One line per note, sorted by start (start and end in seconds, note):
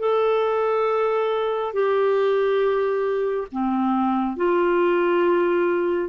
0.00 1.74 A4
1.74 3.47 G4
3.52 4.37 C4
4.37 6.09 F4